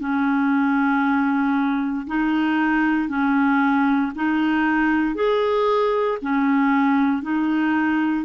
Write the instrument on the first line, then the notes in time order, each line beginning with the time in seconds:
clarinet
0.00 C#4
2.07 D#4
3.08 C#4
4.16 D#4
5.15 G#4
6.22 C#4
7.22 D#4